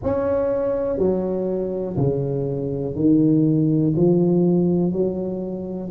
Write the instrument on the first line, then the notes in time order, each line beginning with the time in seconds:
tuba
0.03 C#4
0.97 F#3
1.97 C#3
2.95 D#3
3.96 F3
4.92 F#3